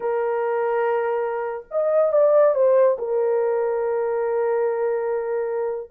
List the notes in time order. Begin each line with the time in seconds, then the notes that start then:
0.00 A#4
1.70 D#5
2.12 D5
2.54 C5
2.98 A#4